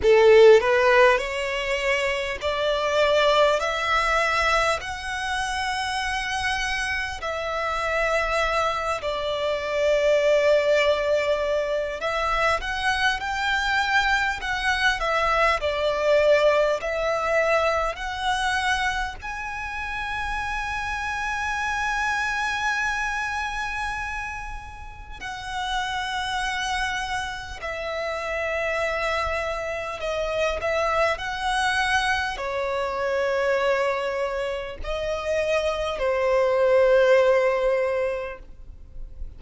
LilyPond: \new Staff \with { instrumentName = "violin" } { \time 4/4 \tempo 4 = 50 a'8 b'8 cis''4 d''4 e''4 | fis''2 e''4. d''8~ | d''2 e''8 fis''8 g''4 | fis''8 e''8 d''4 e''4 fis''4 |
gis''1~ | gis''4 fis''2 e''4~ | e''4 dis''8 e''8 fis''4 cis''4~ | cis''4 dis''4 c''2 | }